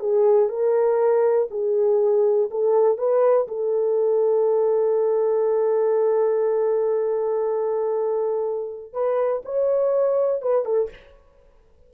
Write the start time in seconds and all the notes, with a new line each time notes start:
0.00 G#4
0.49 A#4
1.51 G#4
2.51 A4
2.98 B4
3.48 A4
8.93 B4
9.45 C#5
10.42 B4
10.65 A4